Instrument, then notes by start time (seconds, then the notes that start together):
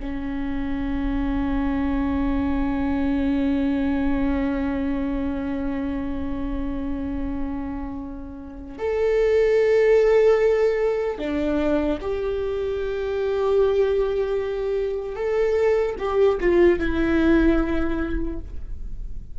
viola
0.00 C#4
8.79 A4
11.19 D4
12.01 G4
15.16 A4
15.99 G4
16.41 F4
16.80 E4